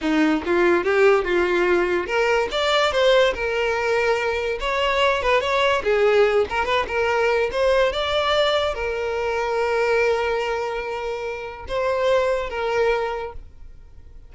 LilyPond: \new Staff \with { instrumentName = "violin" } { \time 4/4 \tempo 4 = 144 dis'4 f'4 g'4 f'4~ | f'4 ais'4 d''4 c''4 | ais'2. cis''4~ | cis''8 b'8 cis''4 gis'4. ais'8 |
b'8 ais'4. c''4 d''4~ | d''4 ais'2.~ | ais'1 | c''2 ais'2 | }